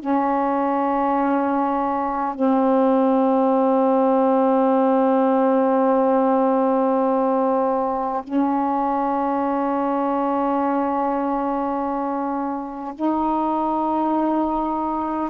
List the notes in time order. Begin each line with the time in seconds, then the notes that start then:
0.00 C#4
2.35 C4
8.24 C#4
12.95 D#4